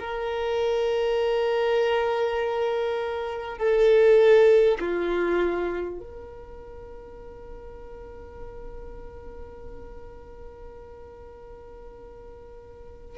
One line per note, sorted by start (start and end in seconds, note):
0.00 3.58 A#4
3.58 4.78 A4
4.80 6.00 F4
6.00 13.18 A#4